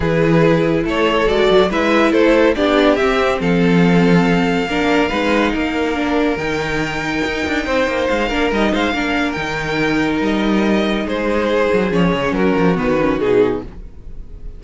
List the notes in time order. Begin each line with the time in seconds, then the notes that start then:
0.00 E3 E4 G#4 B4
0.84 A3 A4 C#5
1.26 G#3 F#4 D5
1.50 F#3
1.69 G#3 E4 B4 E5
2.11 A3 A4 C5
2.55 B3 D4 G4 D5
2.95 C4 E5
3.40 F3 A4 F5
4.66 A#3 D4 A#4
5.09 G#3 D#4 B4
5.51 A#3 A#4
5.94 D4
6.37 D#3 D#4 G5
7.24 D#4
7.46 D4
7.65 C4 C5
7.87 A#3
8.08 G#3 F5
8.28 A#3 D4 A#4
8.51 G3 D#4 D#5
8.72 G#3 C5 F5
8.93 A#3 D4 A#4
9.32 D#3 D#4 G5
10.20 G3 D#5
11.04 G#3 G#4 C5
11.72 F#3
11.90 F3 C#4 C#5
12.12 C#3
12.31 F#3 F#4 A#4
12.57 F3
12.75 D#3 B3 B4
13.00 C#4
13.19 B2 D#4 G#4